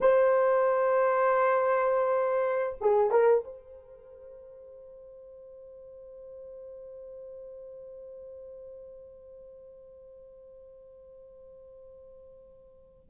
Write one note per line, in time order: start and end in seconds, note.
0.00 2.76 C5
2.81 3.10 G#4
3.10 3.44 A#4
3.44 13.10 C5